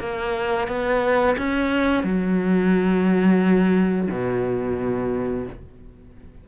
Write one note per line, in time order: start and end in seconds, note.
0.00 0.68 A#3
0.68 1.36 B3
1.38 2.04 C#4
2.04 4.08 F#3
4.11 5.47 B2